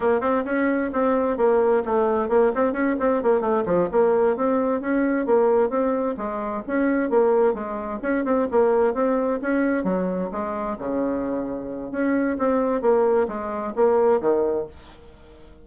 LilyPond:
\new Staff \with { instrumentName = "bassoon" } { \time 4/4 \tempo 4 = 131 ais8 c'8 cis'4 c'4 ais4 | a4 ais8 c'8 cis'8 c'8 ais8 a8 | f8 ais4 c'4 cis'4 ais8~ | ais8 c'4 gis4 cis'4 ais8~ |
ais8 gis4 cis'8 c'8 ais4 c'8~ | c'8 cis'4 fis4 gis4 cis8~ | cis2 cis'4 c'4 | ais4 gis4 ais4 dis4 | }